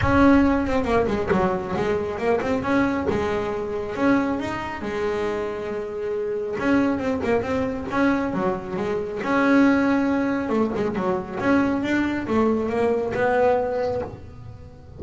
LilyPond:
\new Staff \with { instrumentName = "double bass" } { \time 4/4 \tempo 4 = 137 cis'4. c'8 ais8 gis8 fis4 | gis4 ais8 c'8 cis'4 gis4~ | gis4 cis'4 dis'4 gis4~ | gis2. cis'4 |
c'8 ais8 c'4 cis'4 fis4 | gis4 cis'2. | a8 gis8 fis4 cis'4 d'4 | a4 ais4 b2 | }